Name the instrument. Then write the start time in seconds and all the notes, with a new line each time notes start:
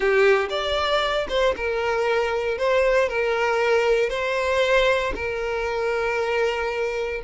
violin
0.00 G4
0.49 D5
1.29 C5
1.56 A#4
2.57 C5
3.08 A#4
4.09 C5
5.15 A#4